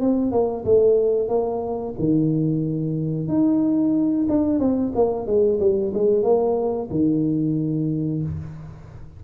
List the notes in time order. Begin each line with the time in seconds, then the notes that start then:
0.00 C4
0.31 A#3
0.64 A3
1.28 A#3
1.98 D#3
3.28 D#4
4.28 D4
4.59 C4
4.95 A#3
5.26 G#3
5.59 G3
5.94 G#3
6.22 A#3
6.90 D#3